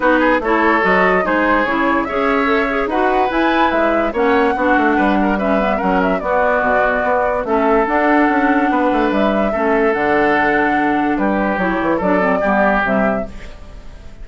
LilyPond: <<
  \new Staff \with { instrumentName = "flute" } { \time 4/4 \tempo 4 = 145 b'4 cis''4 dis''4 c''4 | cis''4 e''2 fis''4 | gis''4 e''4 fis''2~ | fis''4 e''4 fis''8 e''8 d''4~ |
d''2 e''4 fis''4~ | fis''2 e''2 | fis''2. b'4 | cis''4 d''2 e''4 | }
  \new Staff \with { instrumentName = "oboe" } { \time 4/4 fis'8 gis'8 a'2 gis'4~ | gis'4 cis''2 b'4~ | b'2 cis''4 fis'4 | b'8 ais'8 b'4 ais'4 fis'4~ |
fis'2 a'2~ | a'4 b'2 a'4~ | a'2. g'4~ | g'4 a'4 g'2 | }
  \new Staff \with { instrumentName = "clarinet" } { \time 4/4 dis'4 e'4 fis'4 dis'4 | e'4 gis'4 a'8 gis'8 fis'4 | e'2 cis'4 d'4~ | d'4 cis'8 b8 cis'4 b4~ |
b2 cis'4 d'4~ | d'2. cis'4 | d'1 | e'4 d'8 c'8 b4 g4 | }
  \new Staff \with { instrumentName = "bassoon" } { \time 4/4 b4 a4 fis4 gis4 | cis4 cis'2 dis'4 | e'4 gis4 ais4 b8 a8 | g2 fis4 b4 |
b,4 b4 a4 d'4 | cis'4 b8 a8 g4 a4 | d2. g4 | fis8 e8 fis4 g4 c4 | }
>>